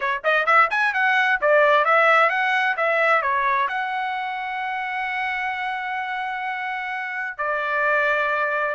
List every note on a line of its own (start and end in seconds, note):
0.00 0.22 C#5
0.23 0.46 D#5
0.46 0.69 E5
0.70 0.93 G#5
0.93 1.39 F#5
1.41 1.84 D5
1.84 2.29 E5
2.29 2.75 F#5
2.77 3.21 E5
3.21 3.68 C#5
3.68 7.37 F#5
7.37 8.75 D5